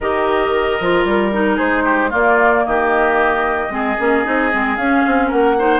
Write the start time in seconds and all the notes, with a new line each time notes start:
0.00 D#3 G4 A#4 D#5
0.80 F3 F4
1.04 G3 A#4
1.32 D#4
1.56 G#3 G#4 C5
1.84 G4
2.10 A#3 F4 D5
2.65 D#3 G4 D#5
3.69 G#3 C4 G#4
3.98 A#3 C#4
4.24 C4 D#4
4.51 G#3 C4
4.76 C#4 F5
5.06 C4
5.27 A#3 A#4 F#5
5.58 D#4 C5